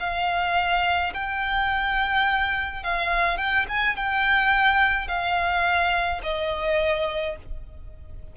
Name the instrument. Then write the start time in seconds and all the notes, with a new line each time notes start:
violin
0.00 F5
1.13 G5
2.83 F5
3.37 G5
3.68 G#5
3.96 G5
5.08 F5
6.23 D#5